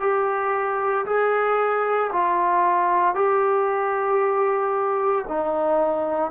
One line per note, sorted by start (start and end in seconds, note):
0.00 1.05 G4
1.06 2.11 G#4
2.12 3.15 F4
3.15 5.25 G4
5.28 6.31 D#4